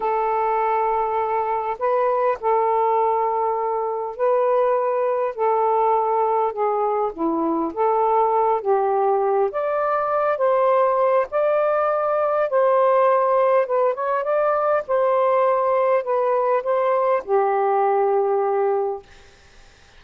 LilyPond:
\new Staff \with { instrumentName = "saxophone" } { \time 4/4 \tempo 4 = 101 a'2. b'4 | a'2. b'4~ | b'4 a'2 gis'4 | e'4 a'4. g'4. |
d''4. c''4. d''4~ | d''4 c''2 b'8 cis''8 | d''4 c''2 b'4 | c''4 g'2. | }